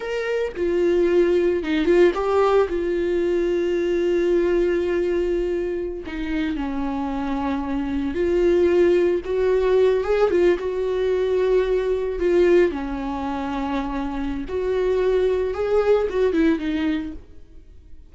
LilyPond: \new Staff \with { instrumentName = "viola" } { \time 4/4 \tempo 4 = 112 ais'4 f'2 dis'8 f'8 | g'4 f'2.~ | f'2.~ f'16 dis'8.~ | dis'16 cis'2. f'8.~ |
f'4~ f'16 fis'4. gis'8 f'8 fis'16~ | fis'2~ fis'8. f'4 cis'16~ | cis'2. fis'4~ | fis'4 gis'4 fis'8 e'8 dis'4 | }